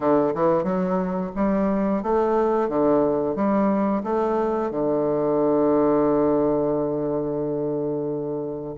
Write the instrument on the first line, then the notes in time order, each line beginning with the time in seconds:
bassoon
0.00 D3
0.34 E3
0.63 F#3
1.35 G3
2.02 A3
2.68 D3
3.35 G3
4.03 A3
4.70 D3